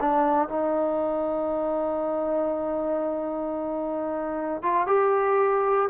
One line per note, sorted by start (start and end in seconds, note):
0.00 0.48 D4
0.48 4.62 D#4
4.62 4.87 F4
4.87 5.89 G4